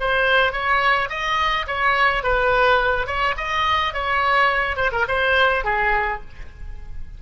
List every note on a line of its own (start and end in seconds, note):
0.00 0.52 C5
0.52 1.09 C#5
1.10 1.66 D#5
1.67 2.23 C#5
2.23 3.07 B4
3.07 3.35 C#5
3.37 3.94 D#5
3.94 4.77 C#5
4.77 4.91 C5
4.92 5.06 A#4
5.08 5.64 C5
5.64 6.21 G#4